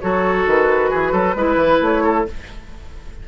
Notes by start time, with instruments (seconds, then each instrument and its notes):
0.00 bassoon F#3, clarinet F#4, oboe A4, flute C#5
0.46 bassoon D#3, flute B4
0.90 bassoon E3, oboe G#4
1.12 bassoon F#3, oboe A4
1.35 bassoon G#3, clarinet E4, oboe B4
1.55 bassoon E3
1.81 bassoon A3, flute C#5
2.03 oboe A4